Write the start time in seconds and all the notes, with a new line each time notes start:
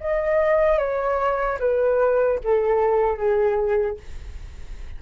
0.00 D#5
0.78 C#5
1.59 B4
2.44 A4
3.17 G#4